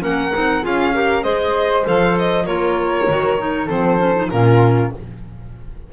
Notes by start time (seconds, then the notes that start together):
0.00 A#3 C#4 A#4 F#5
0.33 C4 D#4
0.62 C#4 F4 G#4 F5
0.94 G4 A#4
1.23 G#3 G#4 C5 D#5
1.84 F3 A4 F5
2.19 D#5
2.46 A#3 F4 A#4 C#5
3.09 D#3 F#4
3.38 D#4
3.66 F3 C4 A4 C5
3.99 C#4
4.16 D#4
4.30 A#2 C#4 F4 A#4